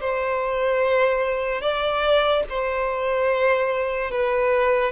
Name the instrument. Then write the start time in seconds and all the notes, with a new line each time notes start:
violin
0.00 C5
1.61 D5
2.49 C5
4.11 B4